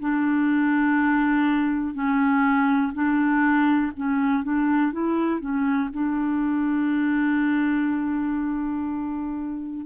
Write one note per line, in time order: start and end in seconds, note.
0.00 1.94 D4
1.94 2.93 C#4
2.93 3.92 D4
3.97 4.44 C#4
4.44 4.93 D4
4.93 5.41 E4
5.41 5.90 C#4
5.93 9.86 D4